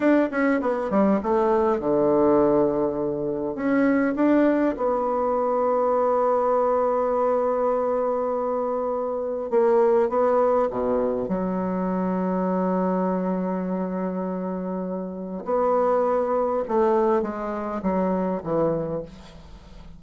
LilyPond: \new Staff \with { instrumentName = "bassoon" } { \time 4/4 \tempo 4 = 101 d'8 cis'8 b8 g8 a4 d4~ | d2 cis'4 d'4 | b1~ | b1 |
ais4 b4 b,4 fis4~ | fis1~ | fis2 b2 | a4 gis4 fis4 e4 | }